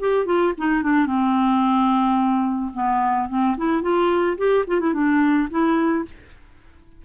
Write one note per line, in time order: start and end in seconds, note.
0.00 0.26 G4
0.26 0.54 F4
0.58 0.83 D#4
0.83 1.07 D4
1.07 2.72 C4
2.74 3.29 B3
3.29 3.57 C4
3.58 3.82 E4
3.82 4.37 F4
4.38 4.65 G4
4.68 4.80 F4
4.80 4.94 E4
4.94 5.49 D4
5.50 6.05 E4